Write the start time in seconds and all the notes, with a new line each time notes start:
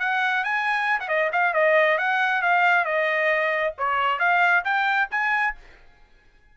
0.00 F#5
0.44 G#5
1.00 F#5
1.09 D#5
1.33 F5
1.54 D#5
1.98 F#5
2.42 F5
2.85 D#5
3.78 C#5
4.20 F5
4.65 G5
5.11 G#5